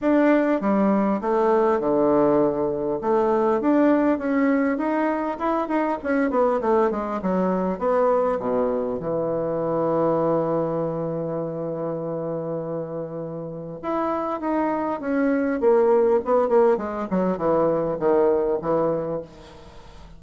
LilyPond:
\new Staff \with { instrumentName = "bassoon" } { \time 4/4 \tempo 4 = 100 d'4 g4 a4 d4~ | d4 a4 d'4 cis'4 | dis'4 e'8 dis'8 cis'8 b8 a8 gis8 | fis4 b4 b,4 e4~ |
e1~ | e2. e'4 | dis'4 cis'4 ais4 b8 ais8 | gis8 fis8 e4 dis4 e4 | }